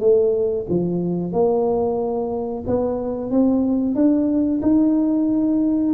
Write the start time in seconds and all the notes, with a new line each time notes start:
0.00 A3
0.69 F3
1.32 A#3
2.67 B3
3.31 C4
3.95 D4
4.62 D#4